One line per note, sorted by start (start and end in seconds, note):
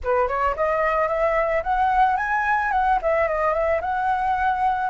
0.03 0.28 B4
0.28 0.55 C#5
0.56 1.08 D#5
1.08 1.62 E5
1.63 2.16 F#5
2.16 2.71 G#5
2.71 2.99 F#5
3.01 3.28 E5
3.28 3.53 D#5
3.53 3.81 E5
3.81 4.90 F#5